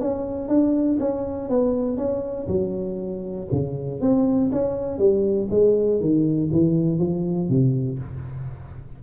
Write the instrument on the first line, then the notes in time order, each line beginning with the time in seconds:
tuba
0.00 C#4
0.48 D4
0.99 C#4
1.49 B3
1.97 C#4
2.47 F#3
3.51 C#3
4.00 C4
4.52 C#4
4.98 G3
5.50 G#3
6.00 D#3
6.52 E3
6.98 F3
7.48 C3